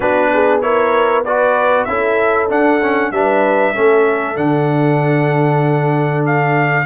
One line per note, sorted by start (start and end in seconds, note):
0.00 1.86 B3
0.00 0.62 D4
0.00 0.30 F#4
0.00 0.61 B4
0.33 0.62 G#4
0.61 1.24 E4
0.61 1.24 A#4
0.61 1.24 C#5
1.24 1.88 F#4
1.24 1.87 B4
1.24 1.84 D5
1.84 2.50 C#4
1.84 2.49 E4
1.84 3.13 A4
1.84 2.47 E5
2.49 2.80 D4
2.49 3.10 D4
2.49 3.11 F#5
2.81 3.13 C#4
3.10 3.73 G3
3.10 3.74 D4
3.10 3.74 B4
3.10 4.36 E5
3.74 4.36 A3
3.74 4.35 C#4
3.74 6.86 A4
4.35 6.86 D3
4.35 6.85 D4
4.35 6.24 F#5
6.25 6.86 F5